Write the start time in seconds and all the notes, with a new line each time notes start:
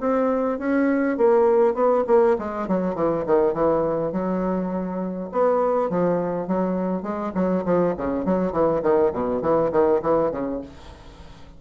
0.00 C4
0.58 C#4
1.17 A#3
1.74 B3
2.07 A#3
2.39 G#3
2.67 F#3
2.95 E3
3.26 D#3
3.53 E3
4.12 F#3
5.32 B3
5.89 F3
6.47 F#3
7.02 G#3
7.34 F#3
7.65 F3
7.97 C#3
8.25 F#3
8.52 E3
8.82 D#3
9.12 B2
9.41 E3
9.71 D#3
10.02 E3
10.31 C#3